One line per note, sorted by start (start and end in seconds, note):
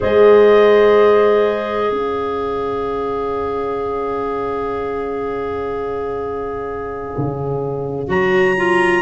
0.00 1.91 G#3
0.00 8.07 G#4
0.00 1.89 C5
0.00 1.93 D#5
1.89 7.14 C#4
1.89 9.02 C#5
1.89 8.10 F5
7.17 8.08 C#3
8.07 9.02 F#3
8.07 8.55 F#4
8.07 9.02 A#5
8.57 9.02 F4